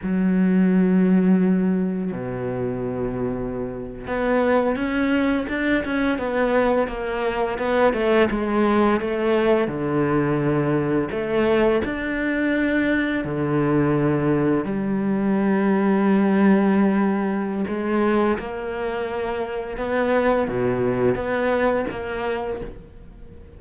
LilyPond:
\new Staff \with { instrumentName = "cello" } { \time 4/4 \tempo 4 = 85 fis2. b,4~ | b,4.~ b,16 b4 cis'4 d'16~ | d'16 cis'8 b4 ais4 b8 a8 gis16~ | gis8. a4 d2 a16~ |
a8. d'2 d4~ d16~ | d8. g2.~ g16~ | g4 gis4 ais2 | b4 b,4 b4 ais4 | }